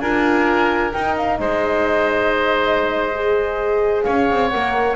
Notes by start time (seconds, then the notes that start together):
0.00 D4 F4 A#4 G#5
0.93 D#4 G5
1.17 F5
1.39 G#3 C5 D#5
3.13 G#4
4.03 C#4 C#5 F5
4.31 C4
4.49 A#3 A#4 F#5